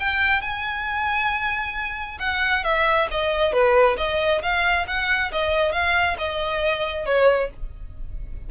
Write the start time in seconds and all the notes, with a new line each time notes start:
0.00 G5
0.42 G#5
2.20 F#5
2.64 E5
3.11 D#5
3.53 B4
3.98 D#5
4.43 F5
4.88 F#5
5.32 D#5
5.73 F5
6.18 D#5
7.06 C#5